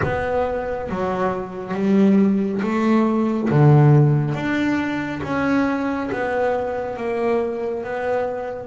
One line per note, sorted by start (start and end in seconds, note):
0.02 0.89 B3
0.89 1.74 F#3
1.74 2.61 G3
2.62 3.49 A3
3.50 4.34 D3
4.34 5.21 D4
5.23 6.10 C#4
6.12 6.96 B3
6.96 7.83 A#3
7.83 8.67 B3